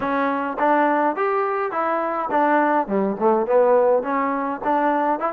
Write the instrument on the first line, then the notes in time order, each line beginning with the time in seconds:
trombone
0.00 C#4
0.58 D4
1.15 G4
1.71 E4
2.30 D4
2.87 G3
3.19 A3
3.46 B3
4.03 C#4
4.64 D4
5.19 E4